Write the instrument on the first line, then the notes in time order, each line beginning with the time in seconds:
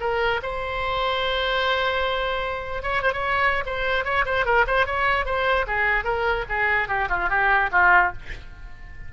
oboe
0.00 A#4
0.42 C5
2.82 C#5
3.02 C5
3.13 C#5
3.65 C5
4.04 C#5
4.25 C5
4.45 A#4
4.67 C5
4.86 C#5
5.25 C5
5.67 G#4
6.04 A#4
6.49 G#4
6.88 G4
7.09 F4
7.29 G4
7.72 F4